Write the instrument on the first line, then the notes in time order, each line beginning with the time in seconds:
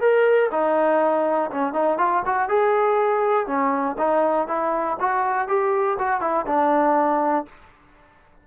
trombone
0.00 A#4
0.51 D#4
1.51 C#4
1.73 D#4
1.98 F4
2.25 F#4
2.48 G#4
3.46 C#4
3.98 D#4
4.47 E4
5.00 F#4
5.48 G4
5.99 F#4
6.21 E4
6.46 D4